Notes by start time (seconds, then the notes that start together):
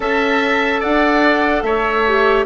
0.00 C#4 A4 E5 A5
0.80 D4 D5 F#5
1.62 A3 C#5 E5
2.07 G4